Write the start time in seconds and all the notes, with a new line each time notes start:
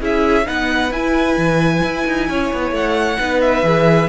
0.00 C#4 E4 G#4 E5
0.45 B3 D#4 B4 F#5
0.90 E4 G#5
1.37 E3
1.83 E4
2.07 D#4
2.29 C#4 C#5
2.53 B3
2.71 A3 F#5
3.18 B3 D#4 B4
3.41 E5
3.62 E3 G#4